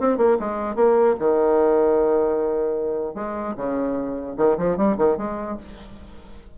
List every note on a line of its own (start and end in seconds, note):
0.00 0.18 C4
0.18 0.38 A#3
0.40 0.76 G#3
0.76 1.16 A#3
1.20 3.15 D#3
3.15 3.55 G#3
3.57 4.37 C#3
4.38 4.58 D#3
4.58 4.77 F3
4.77 4.97 G3
4.98 5.18 D#3
5.18 5.58 G#3